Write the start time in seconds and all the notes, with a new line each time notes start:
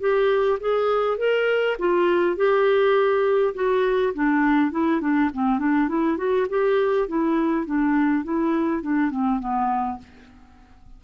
0.00 G4
0.60 G#4
1.18 A#4
1.79 F4
2.36 G4
3.55 F#4
4.14 D4
4.71 E4
5.01 D4
5.33 C4
5.59 D4
5.89 E4
6.17 F#4
6.49 G4
7.08 E4
7.66 D4
8.24 E4
8.82 D4
9.11 C4
9.40 B3